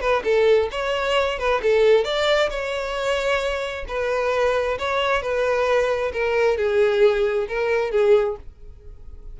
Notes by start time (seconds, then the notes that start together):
0.00 B4
0.24 A4
0.71 C#5
1.38 B4
1.62 A4
2.04 D5
2.50 C#5
3.88 B4
4.78 C#5
5.22 B4
6.12 A#4
6.57 G#4
7.48 A#4
7.91 G#4